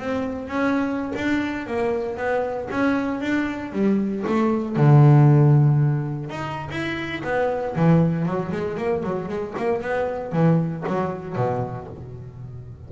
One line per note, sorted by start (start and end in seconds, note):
0.00 0.48 C4
0.48 1.13 C#4
1.16 1.67 D4
1.67 2.17 A#3
2.17 2.69 B3
2.71 3.21 C#4
3.21 3.73 D4
3.73 4.24 G3
4.27 4.77 A3
4.77 6.30 D3
6.30 6.69 D#4
6.71 7.23 E4
7.24 7.76 B3
7.76 8.26 E3
8.26 8.52 F#3
8.52 8.78 G#3
8.78 9.03 A#3
9.03 9.29 F#3
9.29 9.55 G#3
9.58 9.82 A#3
9.82 10.32 B3
10.32 10.84 E3
10.88 11.36 F#3
11.36 11.88 B2